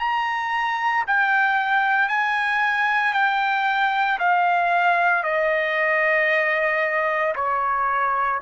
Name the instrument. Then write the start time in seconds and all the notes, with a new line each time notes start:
trumpet
0.00 A#5
1.07 G5
2.09 G#5
3.14 G5
4.20 F5
5.24 D#5
7.36 C#5